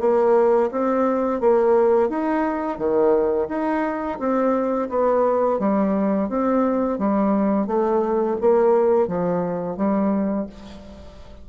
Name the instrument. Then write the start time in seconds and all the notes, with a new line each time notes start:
bassoon
0.00 A#3
0.71 C4
1.40 A#3
2.09 D#4
2.78 D#3
3.49 D#4
4.19 C4
4.89 B3
5.59 G3
6.29 C4
6.98 G3
7.67 A3
8.41 A#3
9.08 F3
9.77 G3